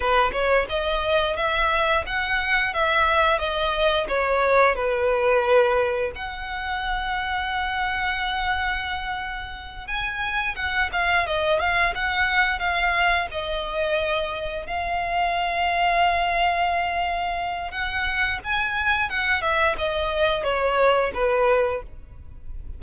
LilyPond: \new Staff \with { instrumentName = "violin" } { \time 4/4 \tempo 4 = 88 b'8 cis''8 dis''4 e''4 fis''4 | e''4 dis''4 cis''4 b'4~ | b'4 fis''2.~ | fis''2~ fis''8 gis''4 fis''8 |
f''8 dis''8 f''8 fis''4 f''4 dis''8~ | dis''4. f''2~ f''8~ | f''2 fis''4 gis''4 | fis''8 e''8 dis''4 cis''4 b'4 | }